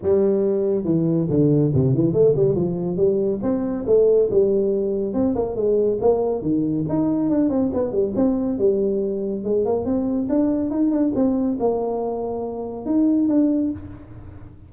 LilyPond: \new Staff \with { instrumentName = "tuba" } { \time 4/4 \tempo 4 = 140 g2 e4 d4 | c8 e8 a8 g8 f4 g4 | c'4 a4 g2 | c'8 ais8 gis4 ais4 dis4 |
dis'4 d'8 c'8 b8 g8 c'4 | g2 gis8 ais8 c'4 | d'4 dis'8 d'8 c'4 ais4~ | ais2 dis'4 d'4 | }